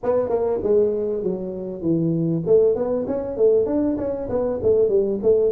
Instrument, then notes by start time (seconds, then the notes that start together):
tuba
0.03 B3
0.29 A#3
0.63 G#3
1.23 F#3
1.81 E3
2.46 A3
2.75 B3
3.07 C#4
3.36 A3
3.66 D4
3.97 C#4
4.29 B3
4.62 A3
4.88 G3
5.22 A3